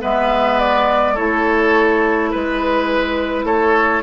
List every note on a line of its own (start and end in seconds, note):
0.00 1.18 G#3
0.00 1.15 B3
0.00 1.14 B4
0.00 0.59 E5
0.59 1.16 D5
1.14 2.34 A3
1.14 4.03 E4
1.14 2.30 A4
1.14 2.31 C#5
2.31 3.44 G#3
2.31 3.45 B4
3.44 4.01 A3
3.44 4.03 A4
3.44 4.03 C#5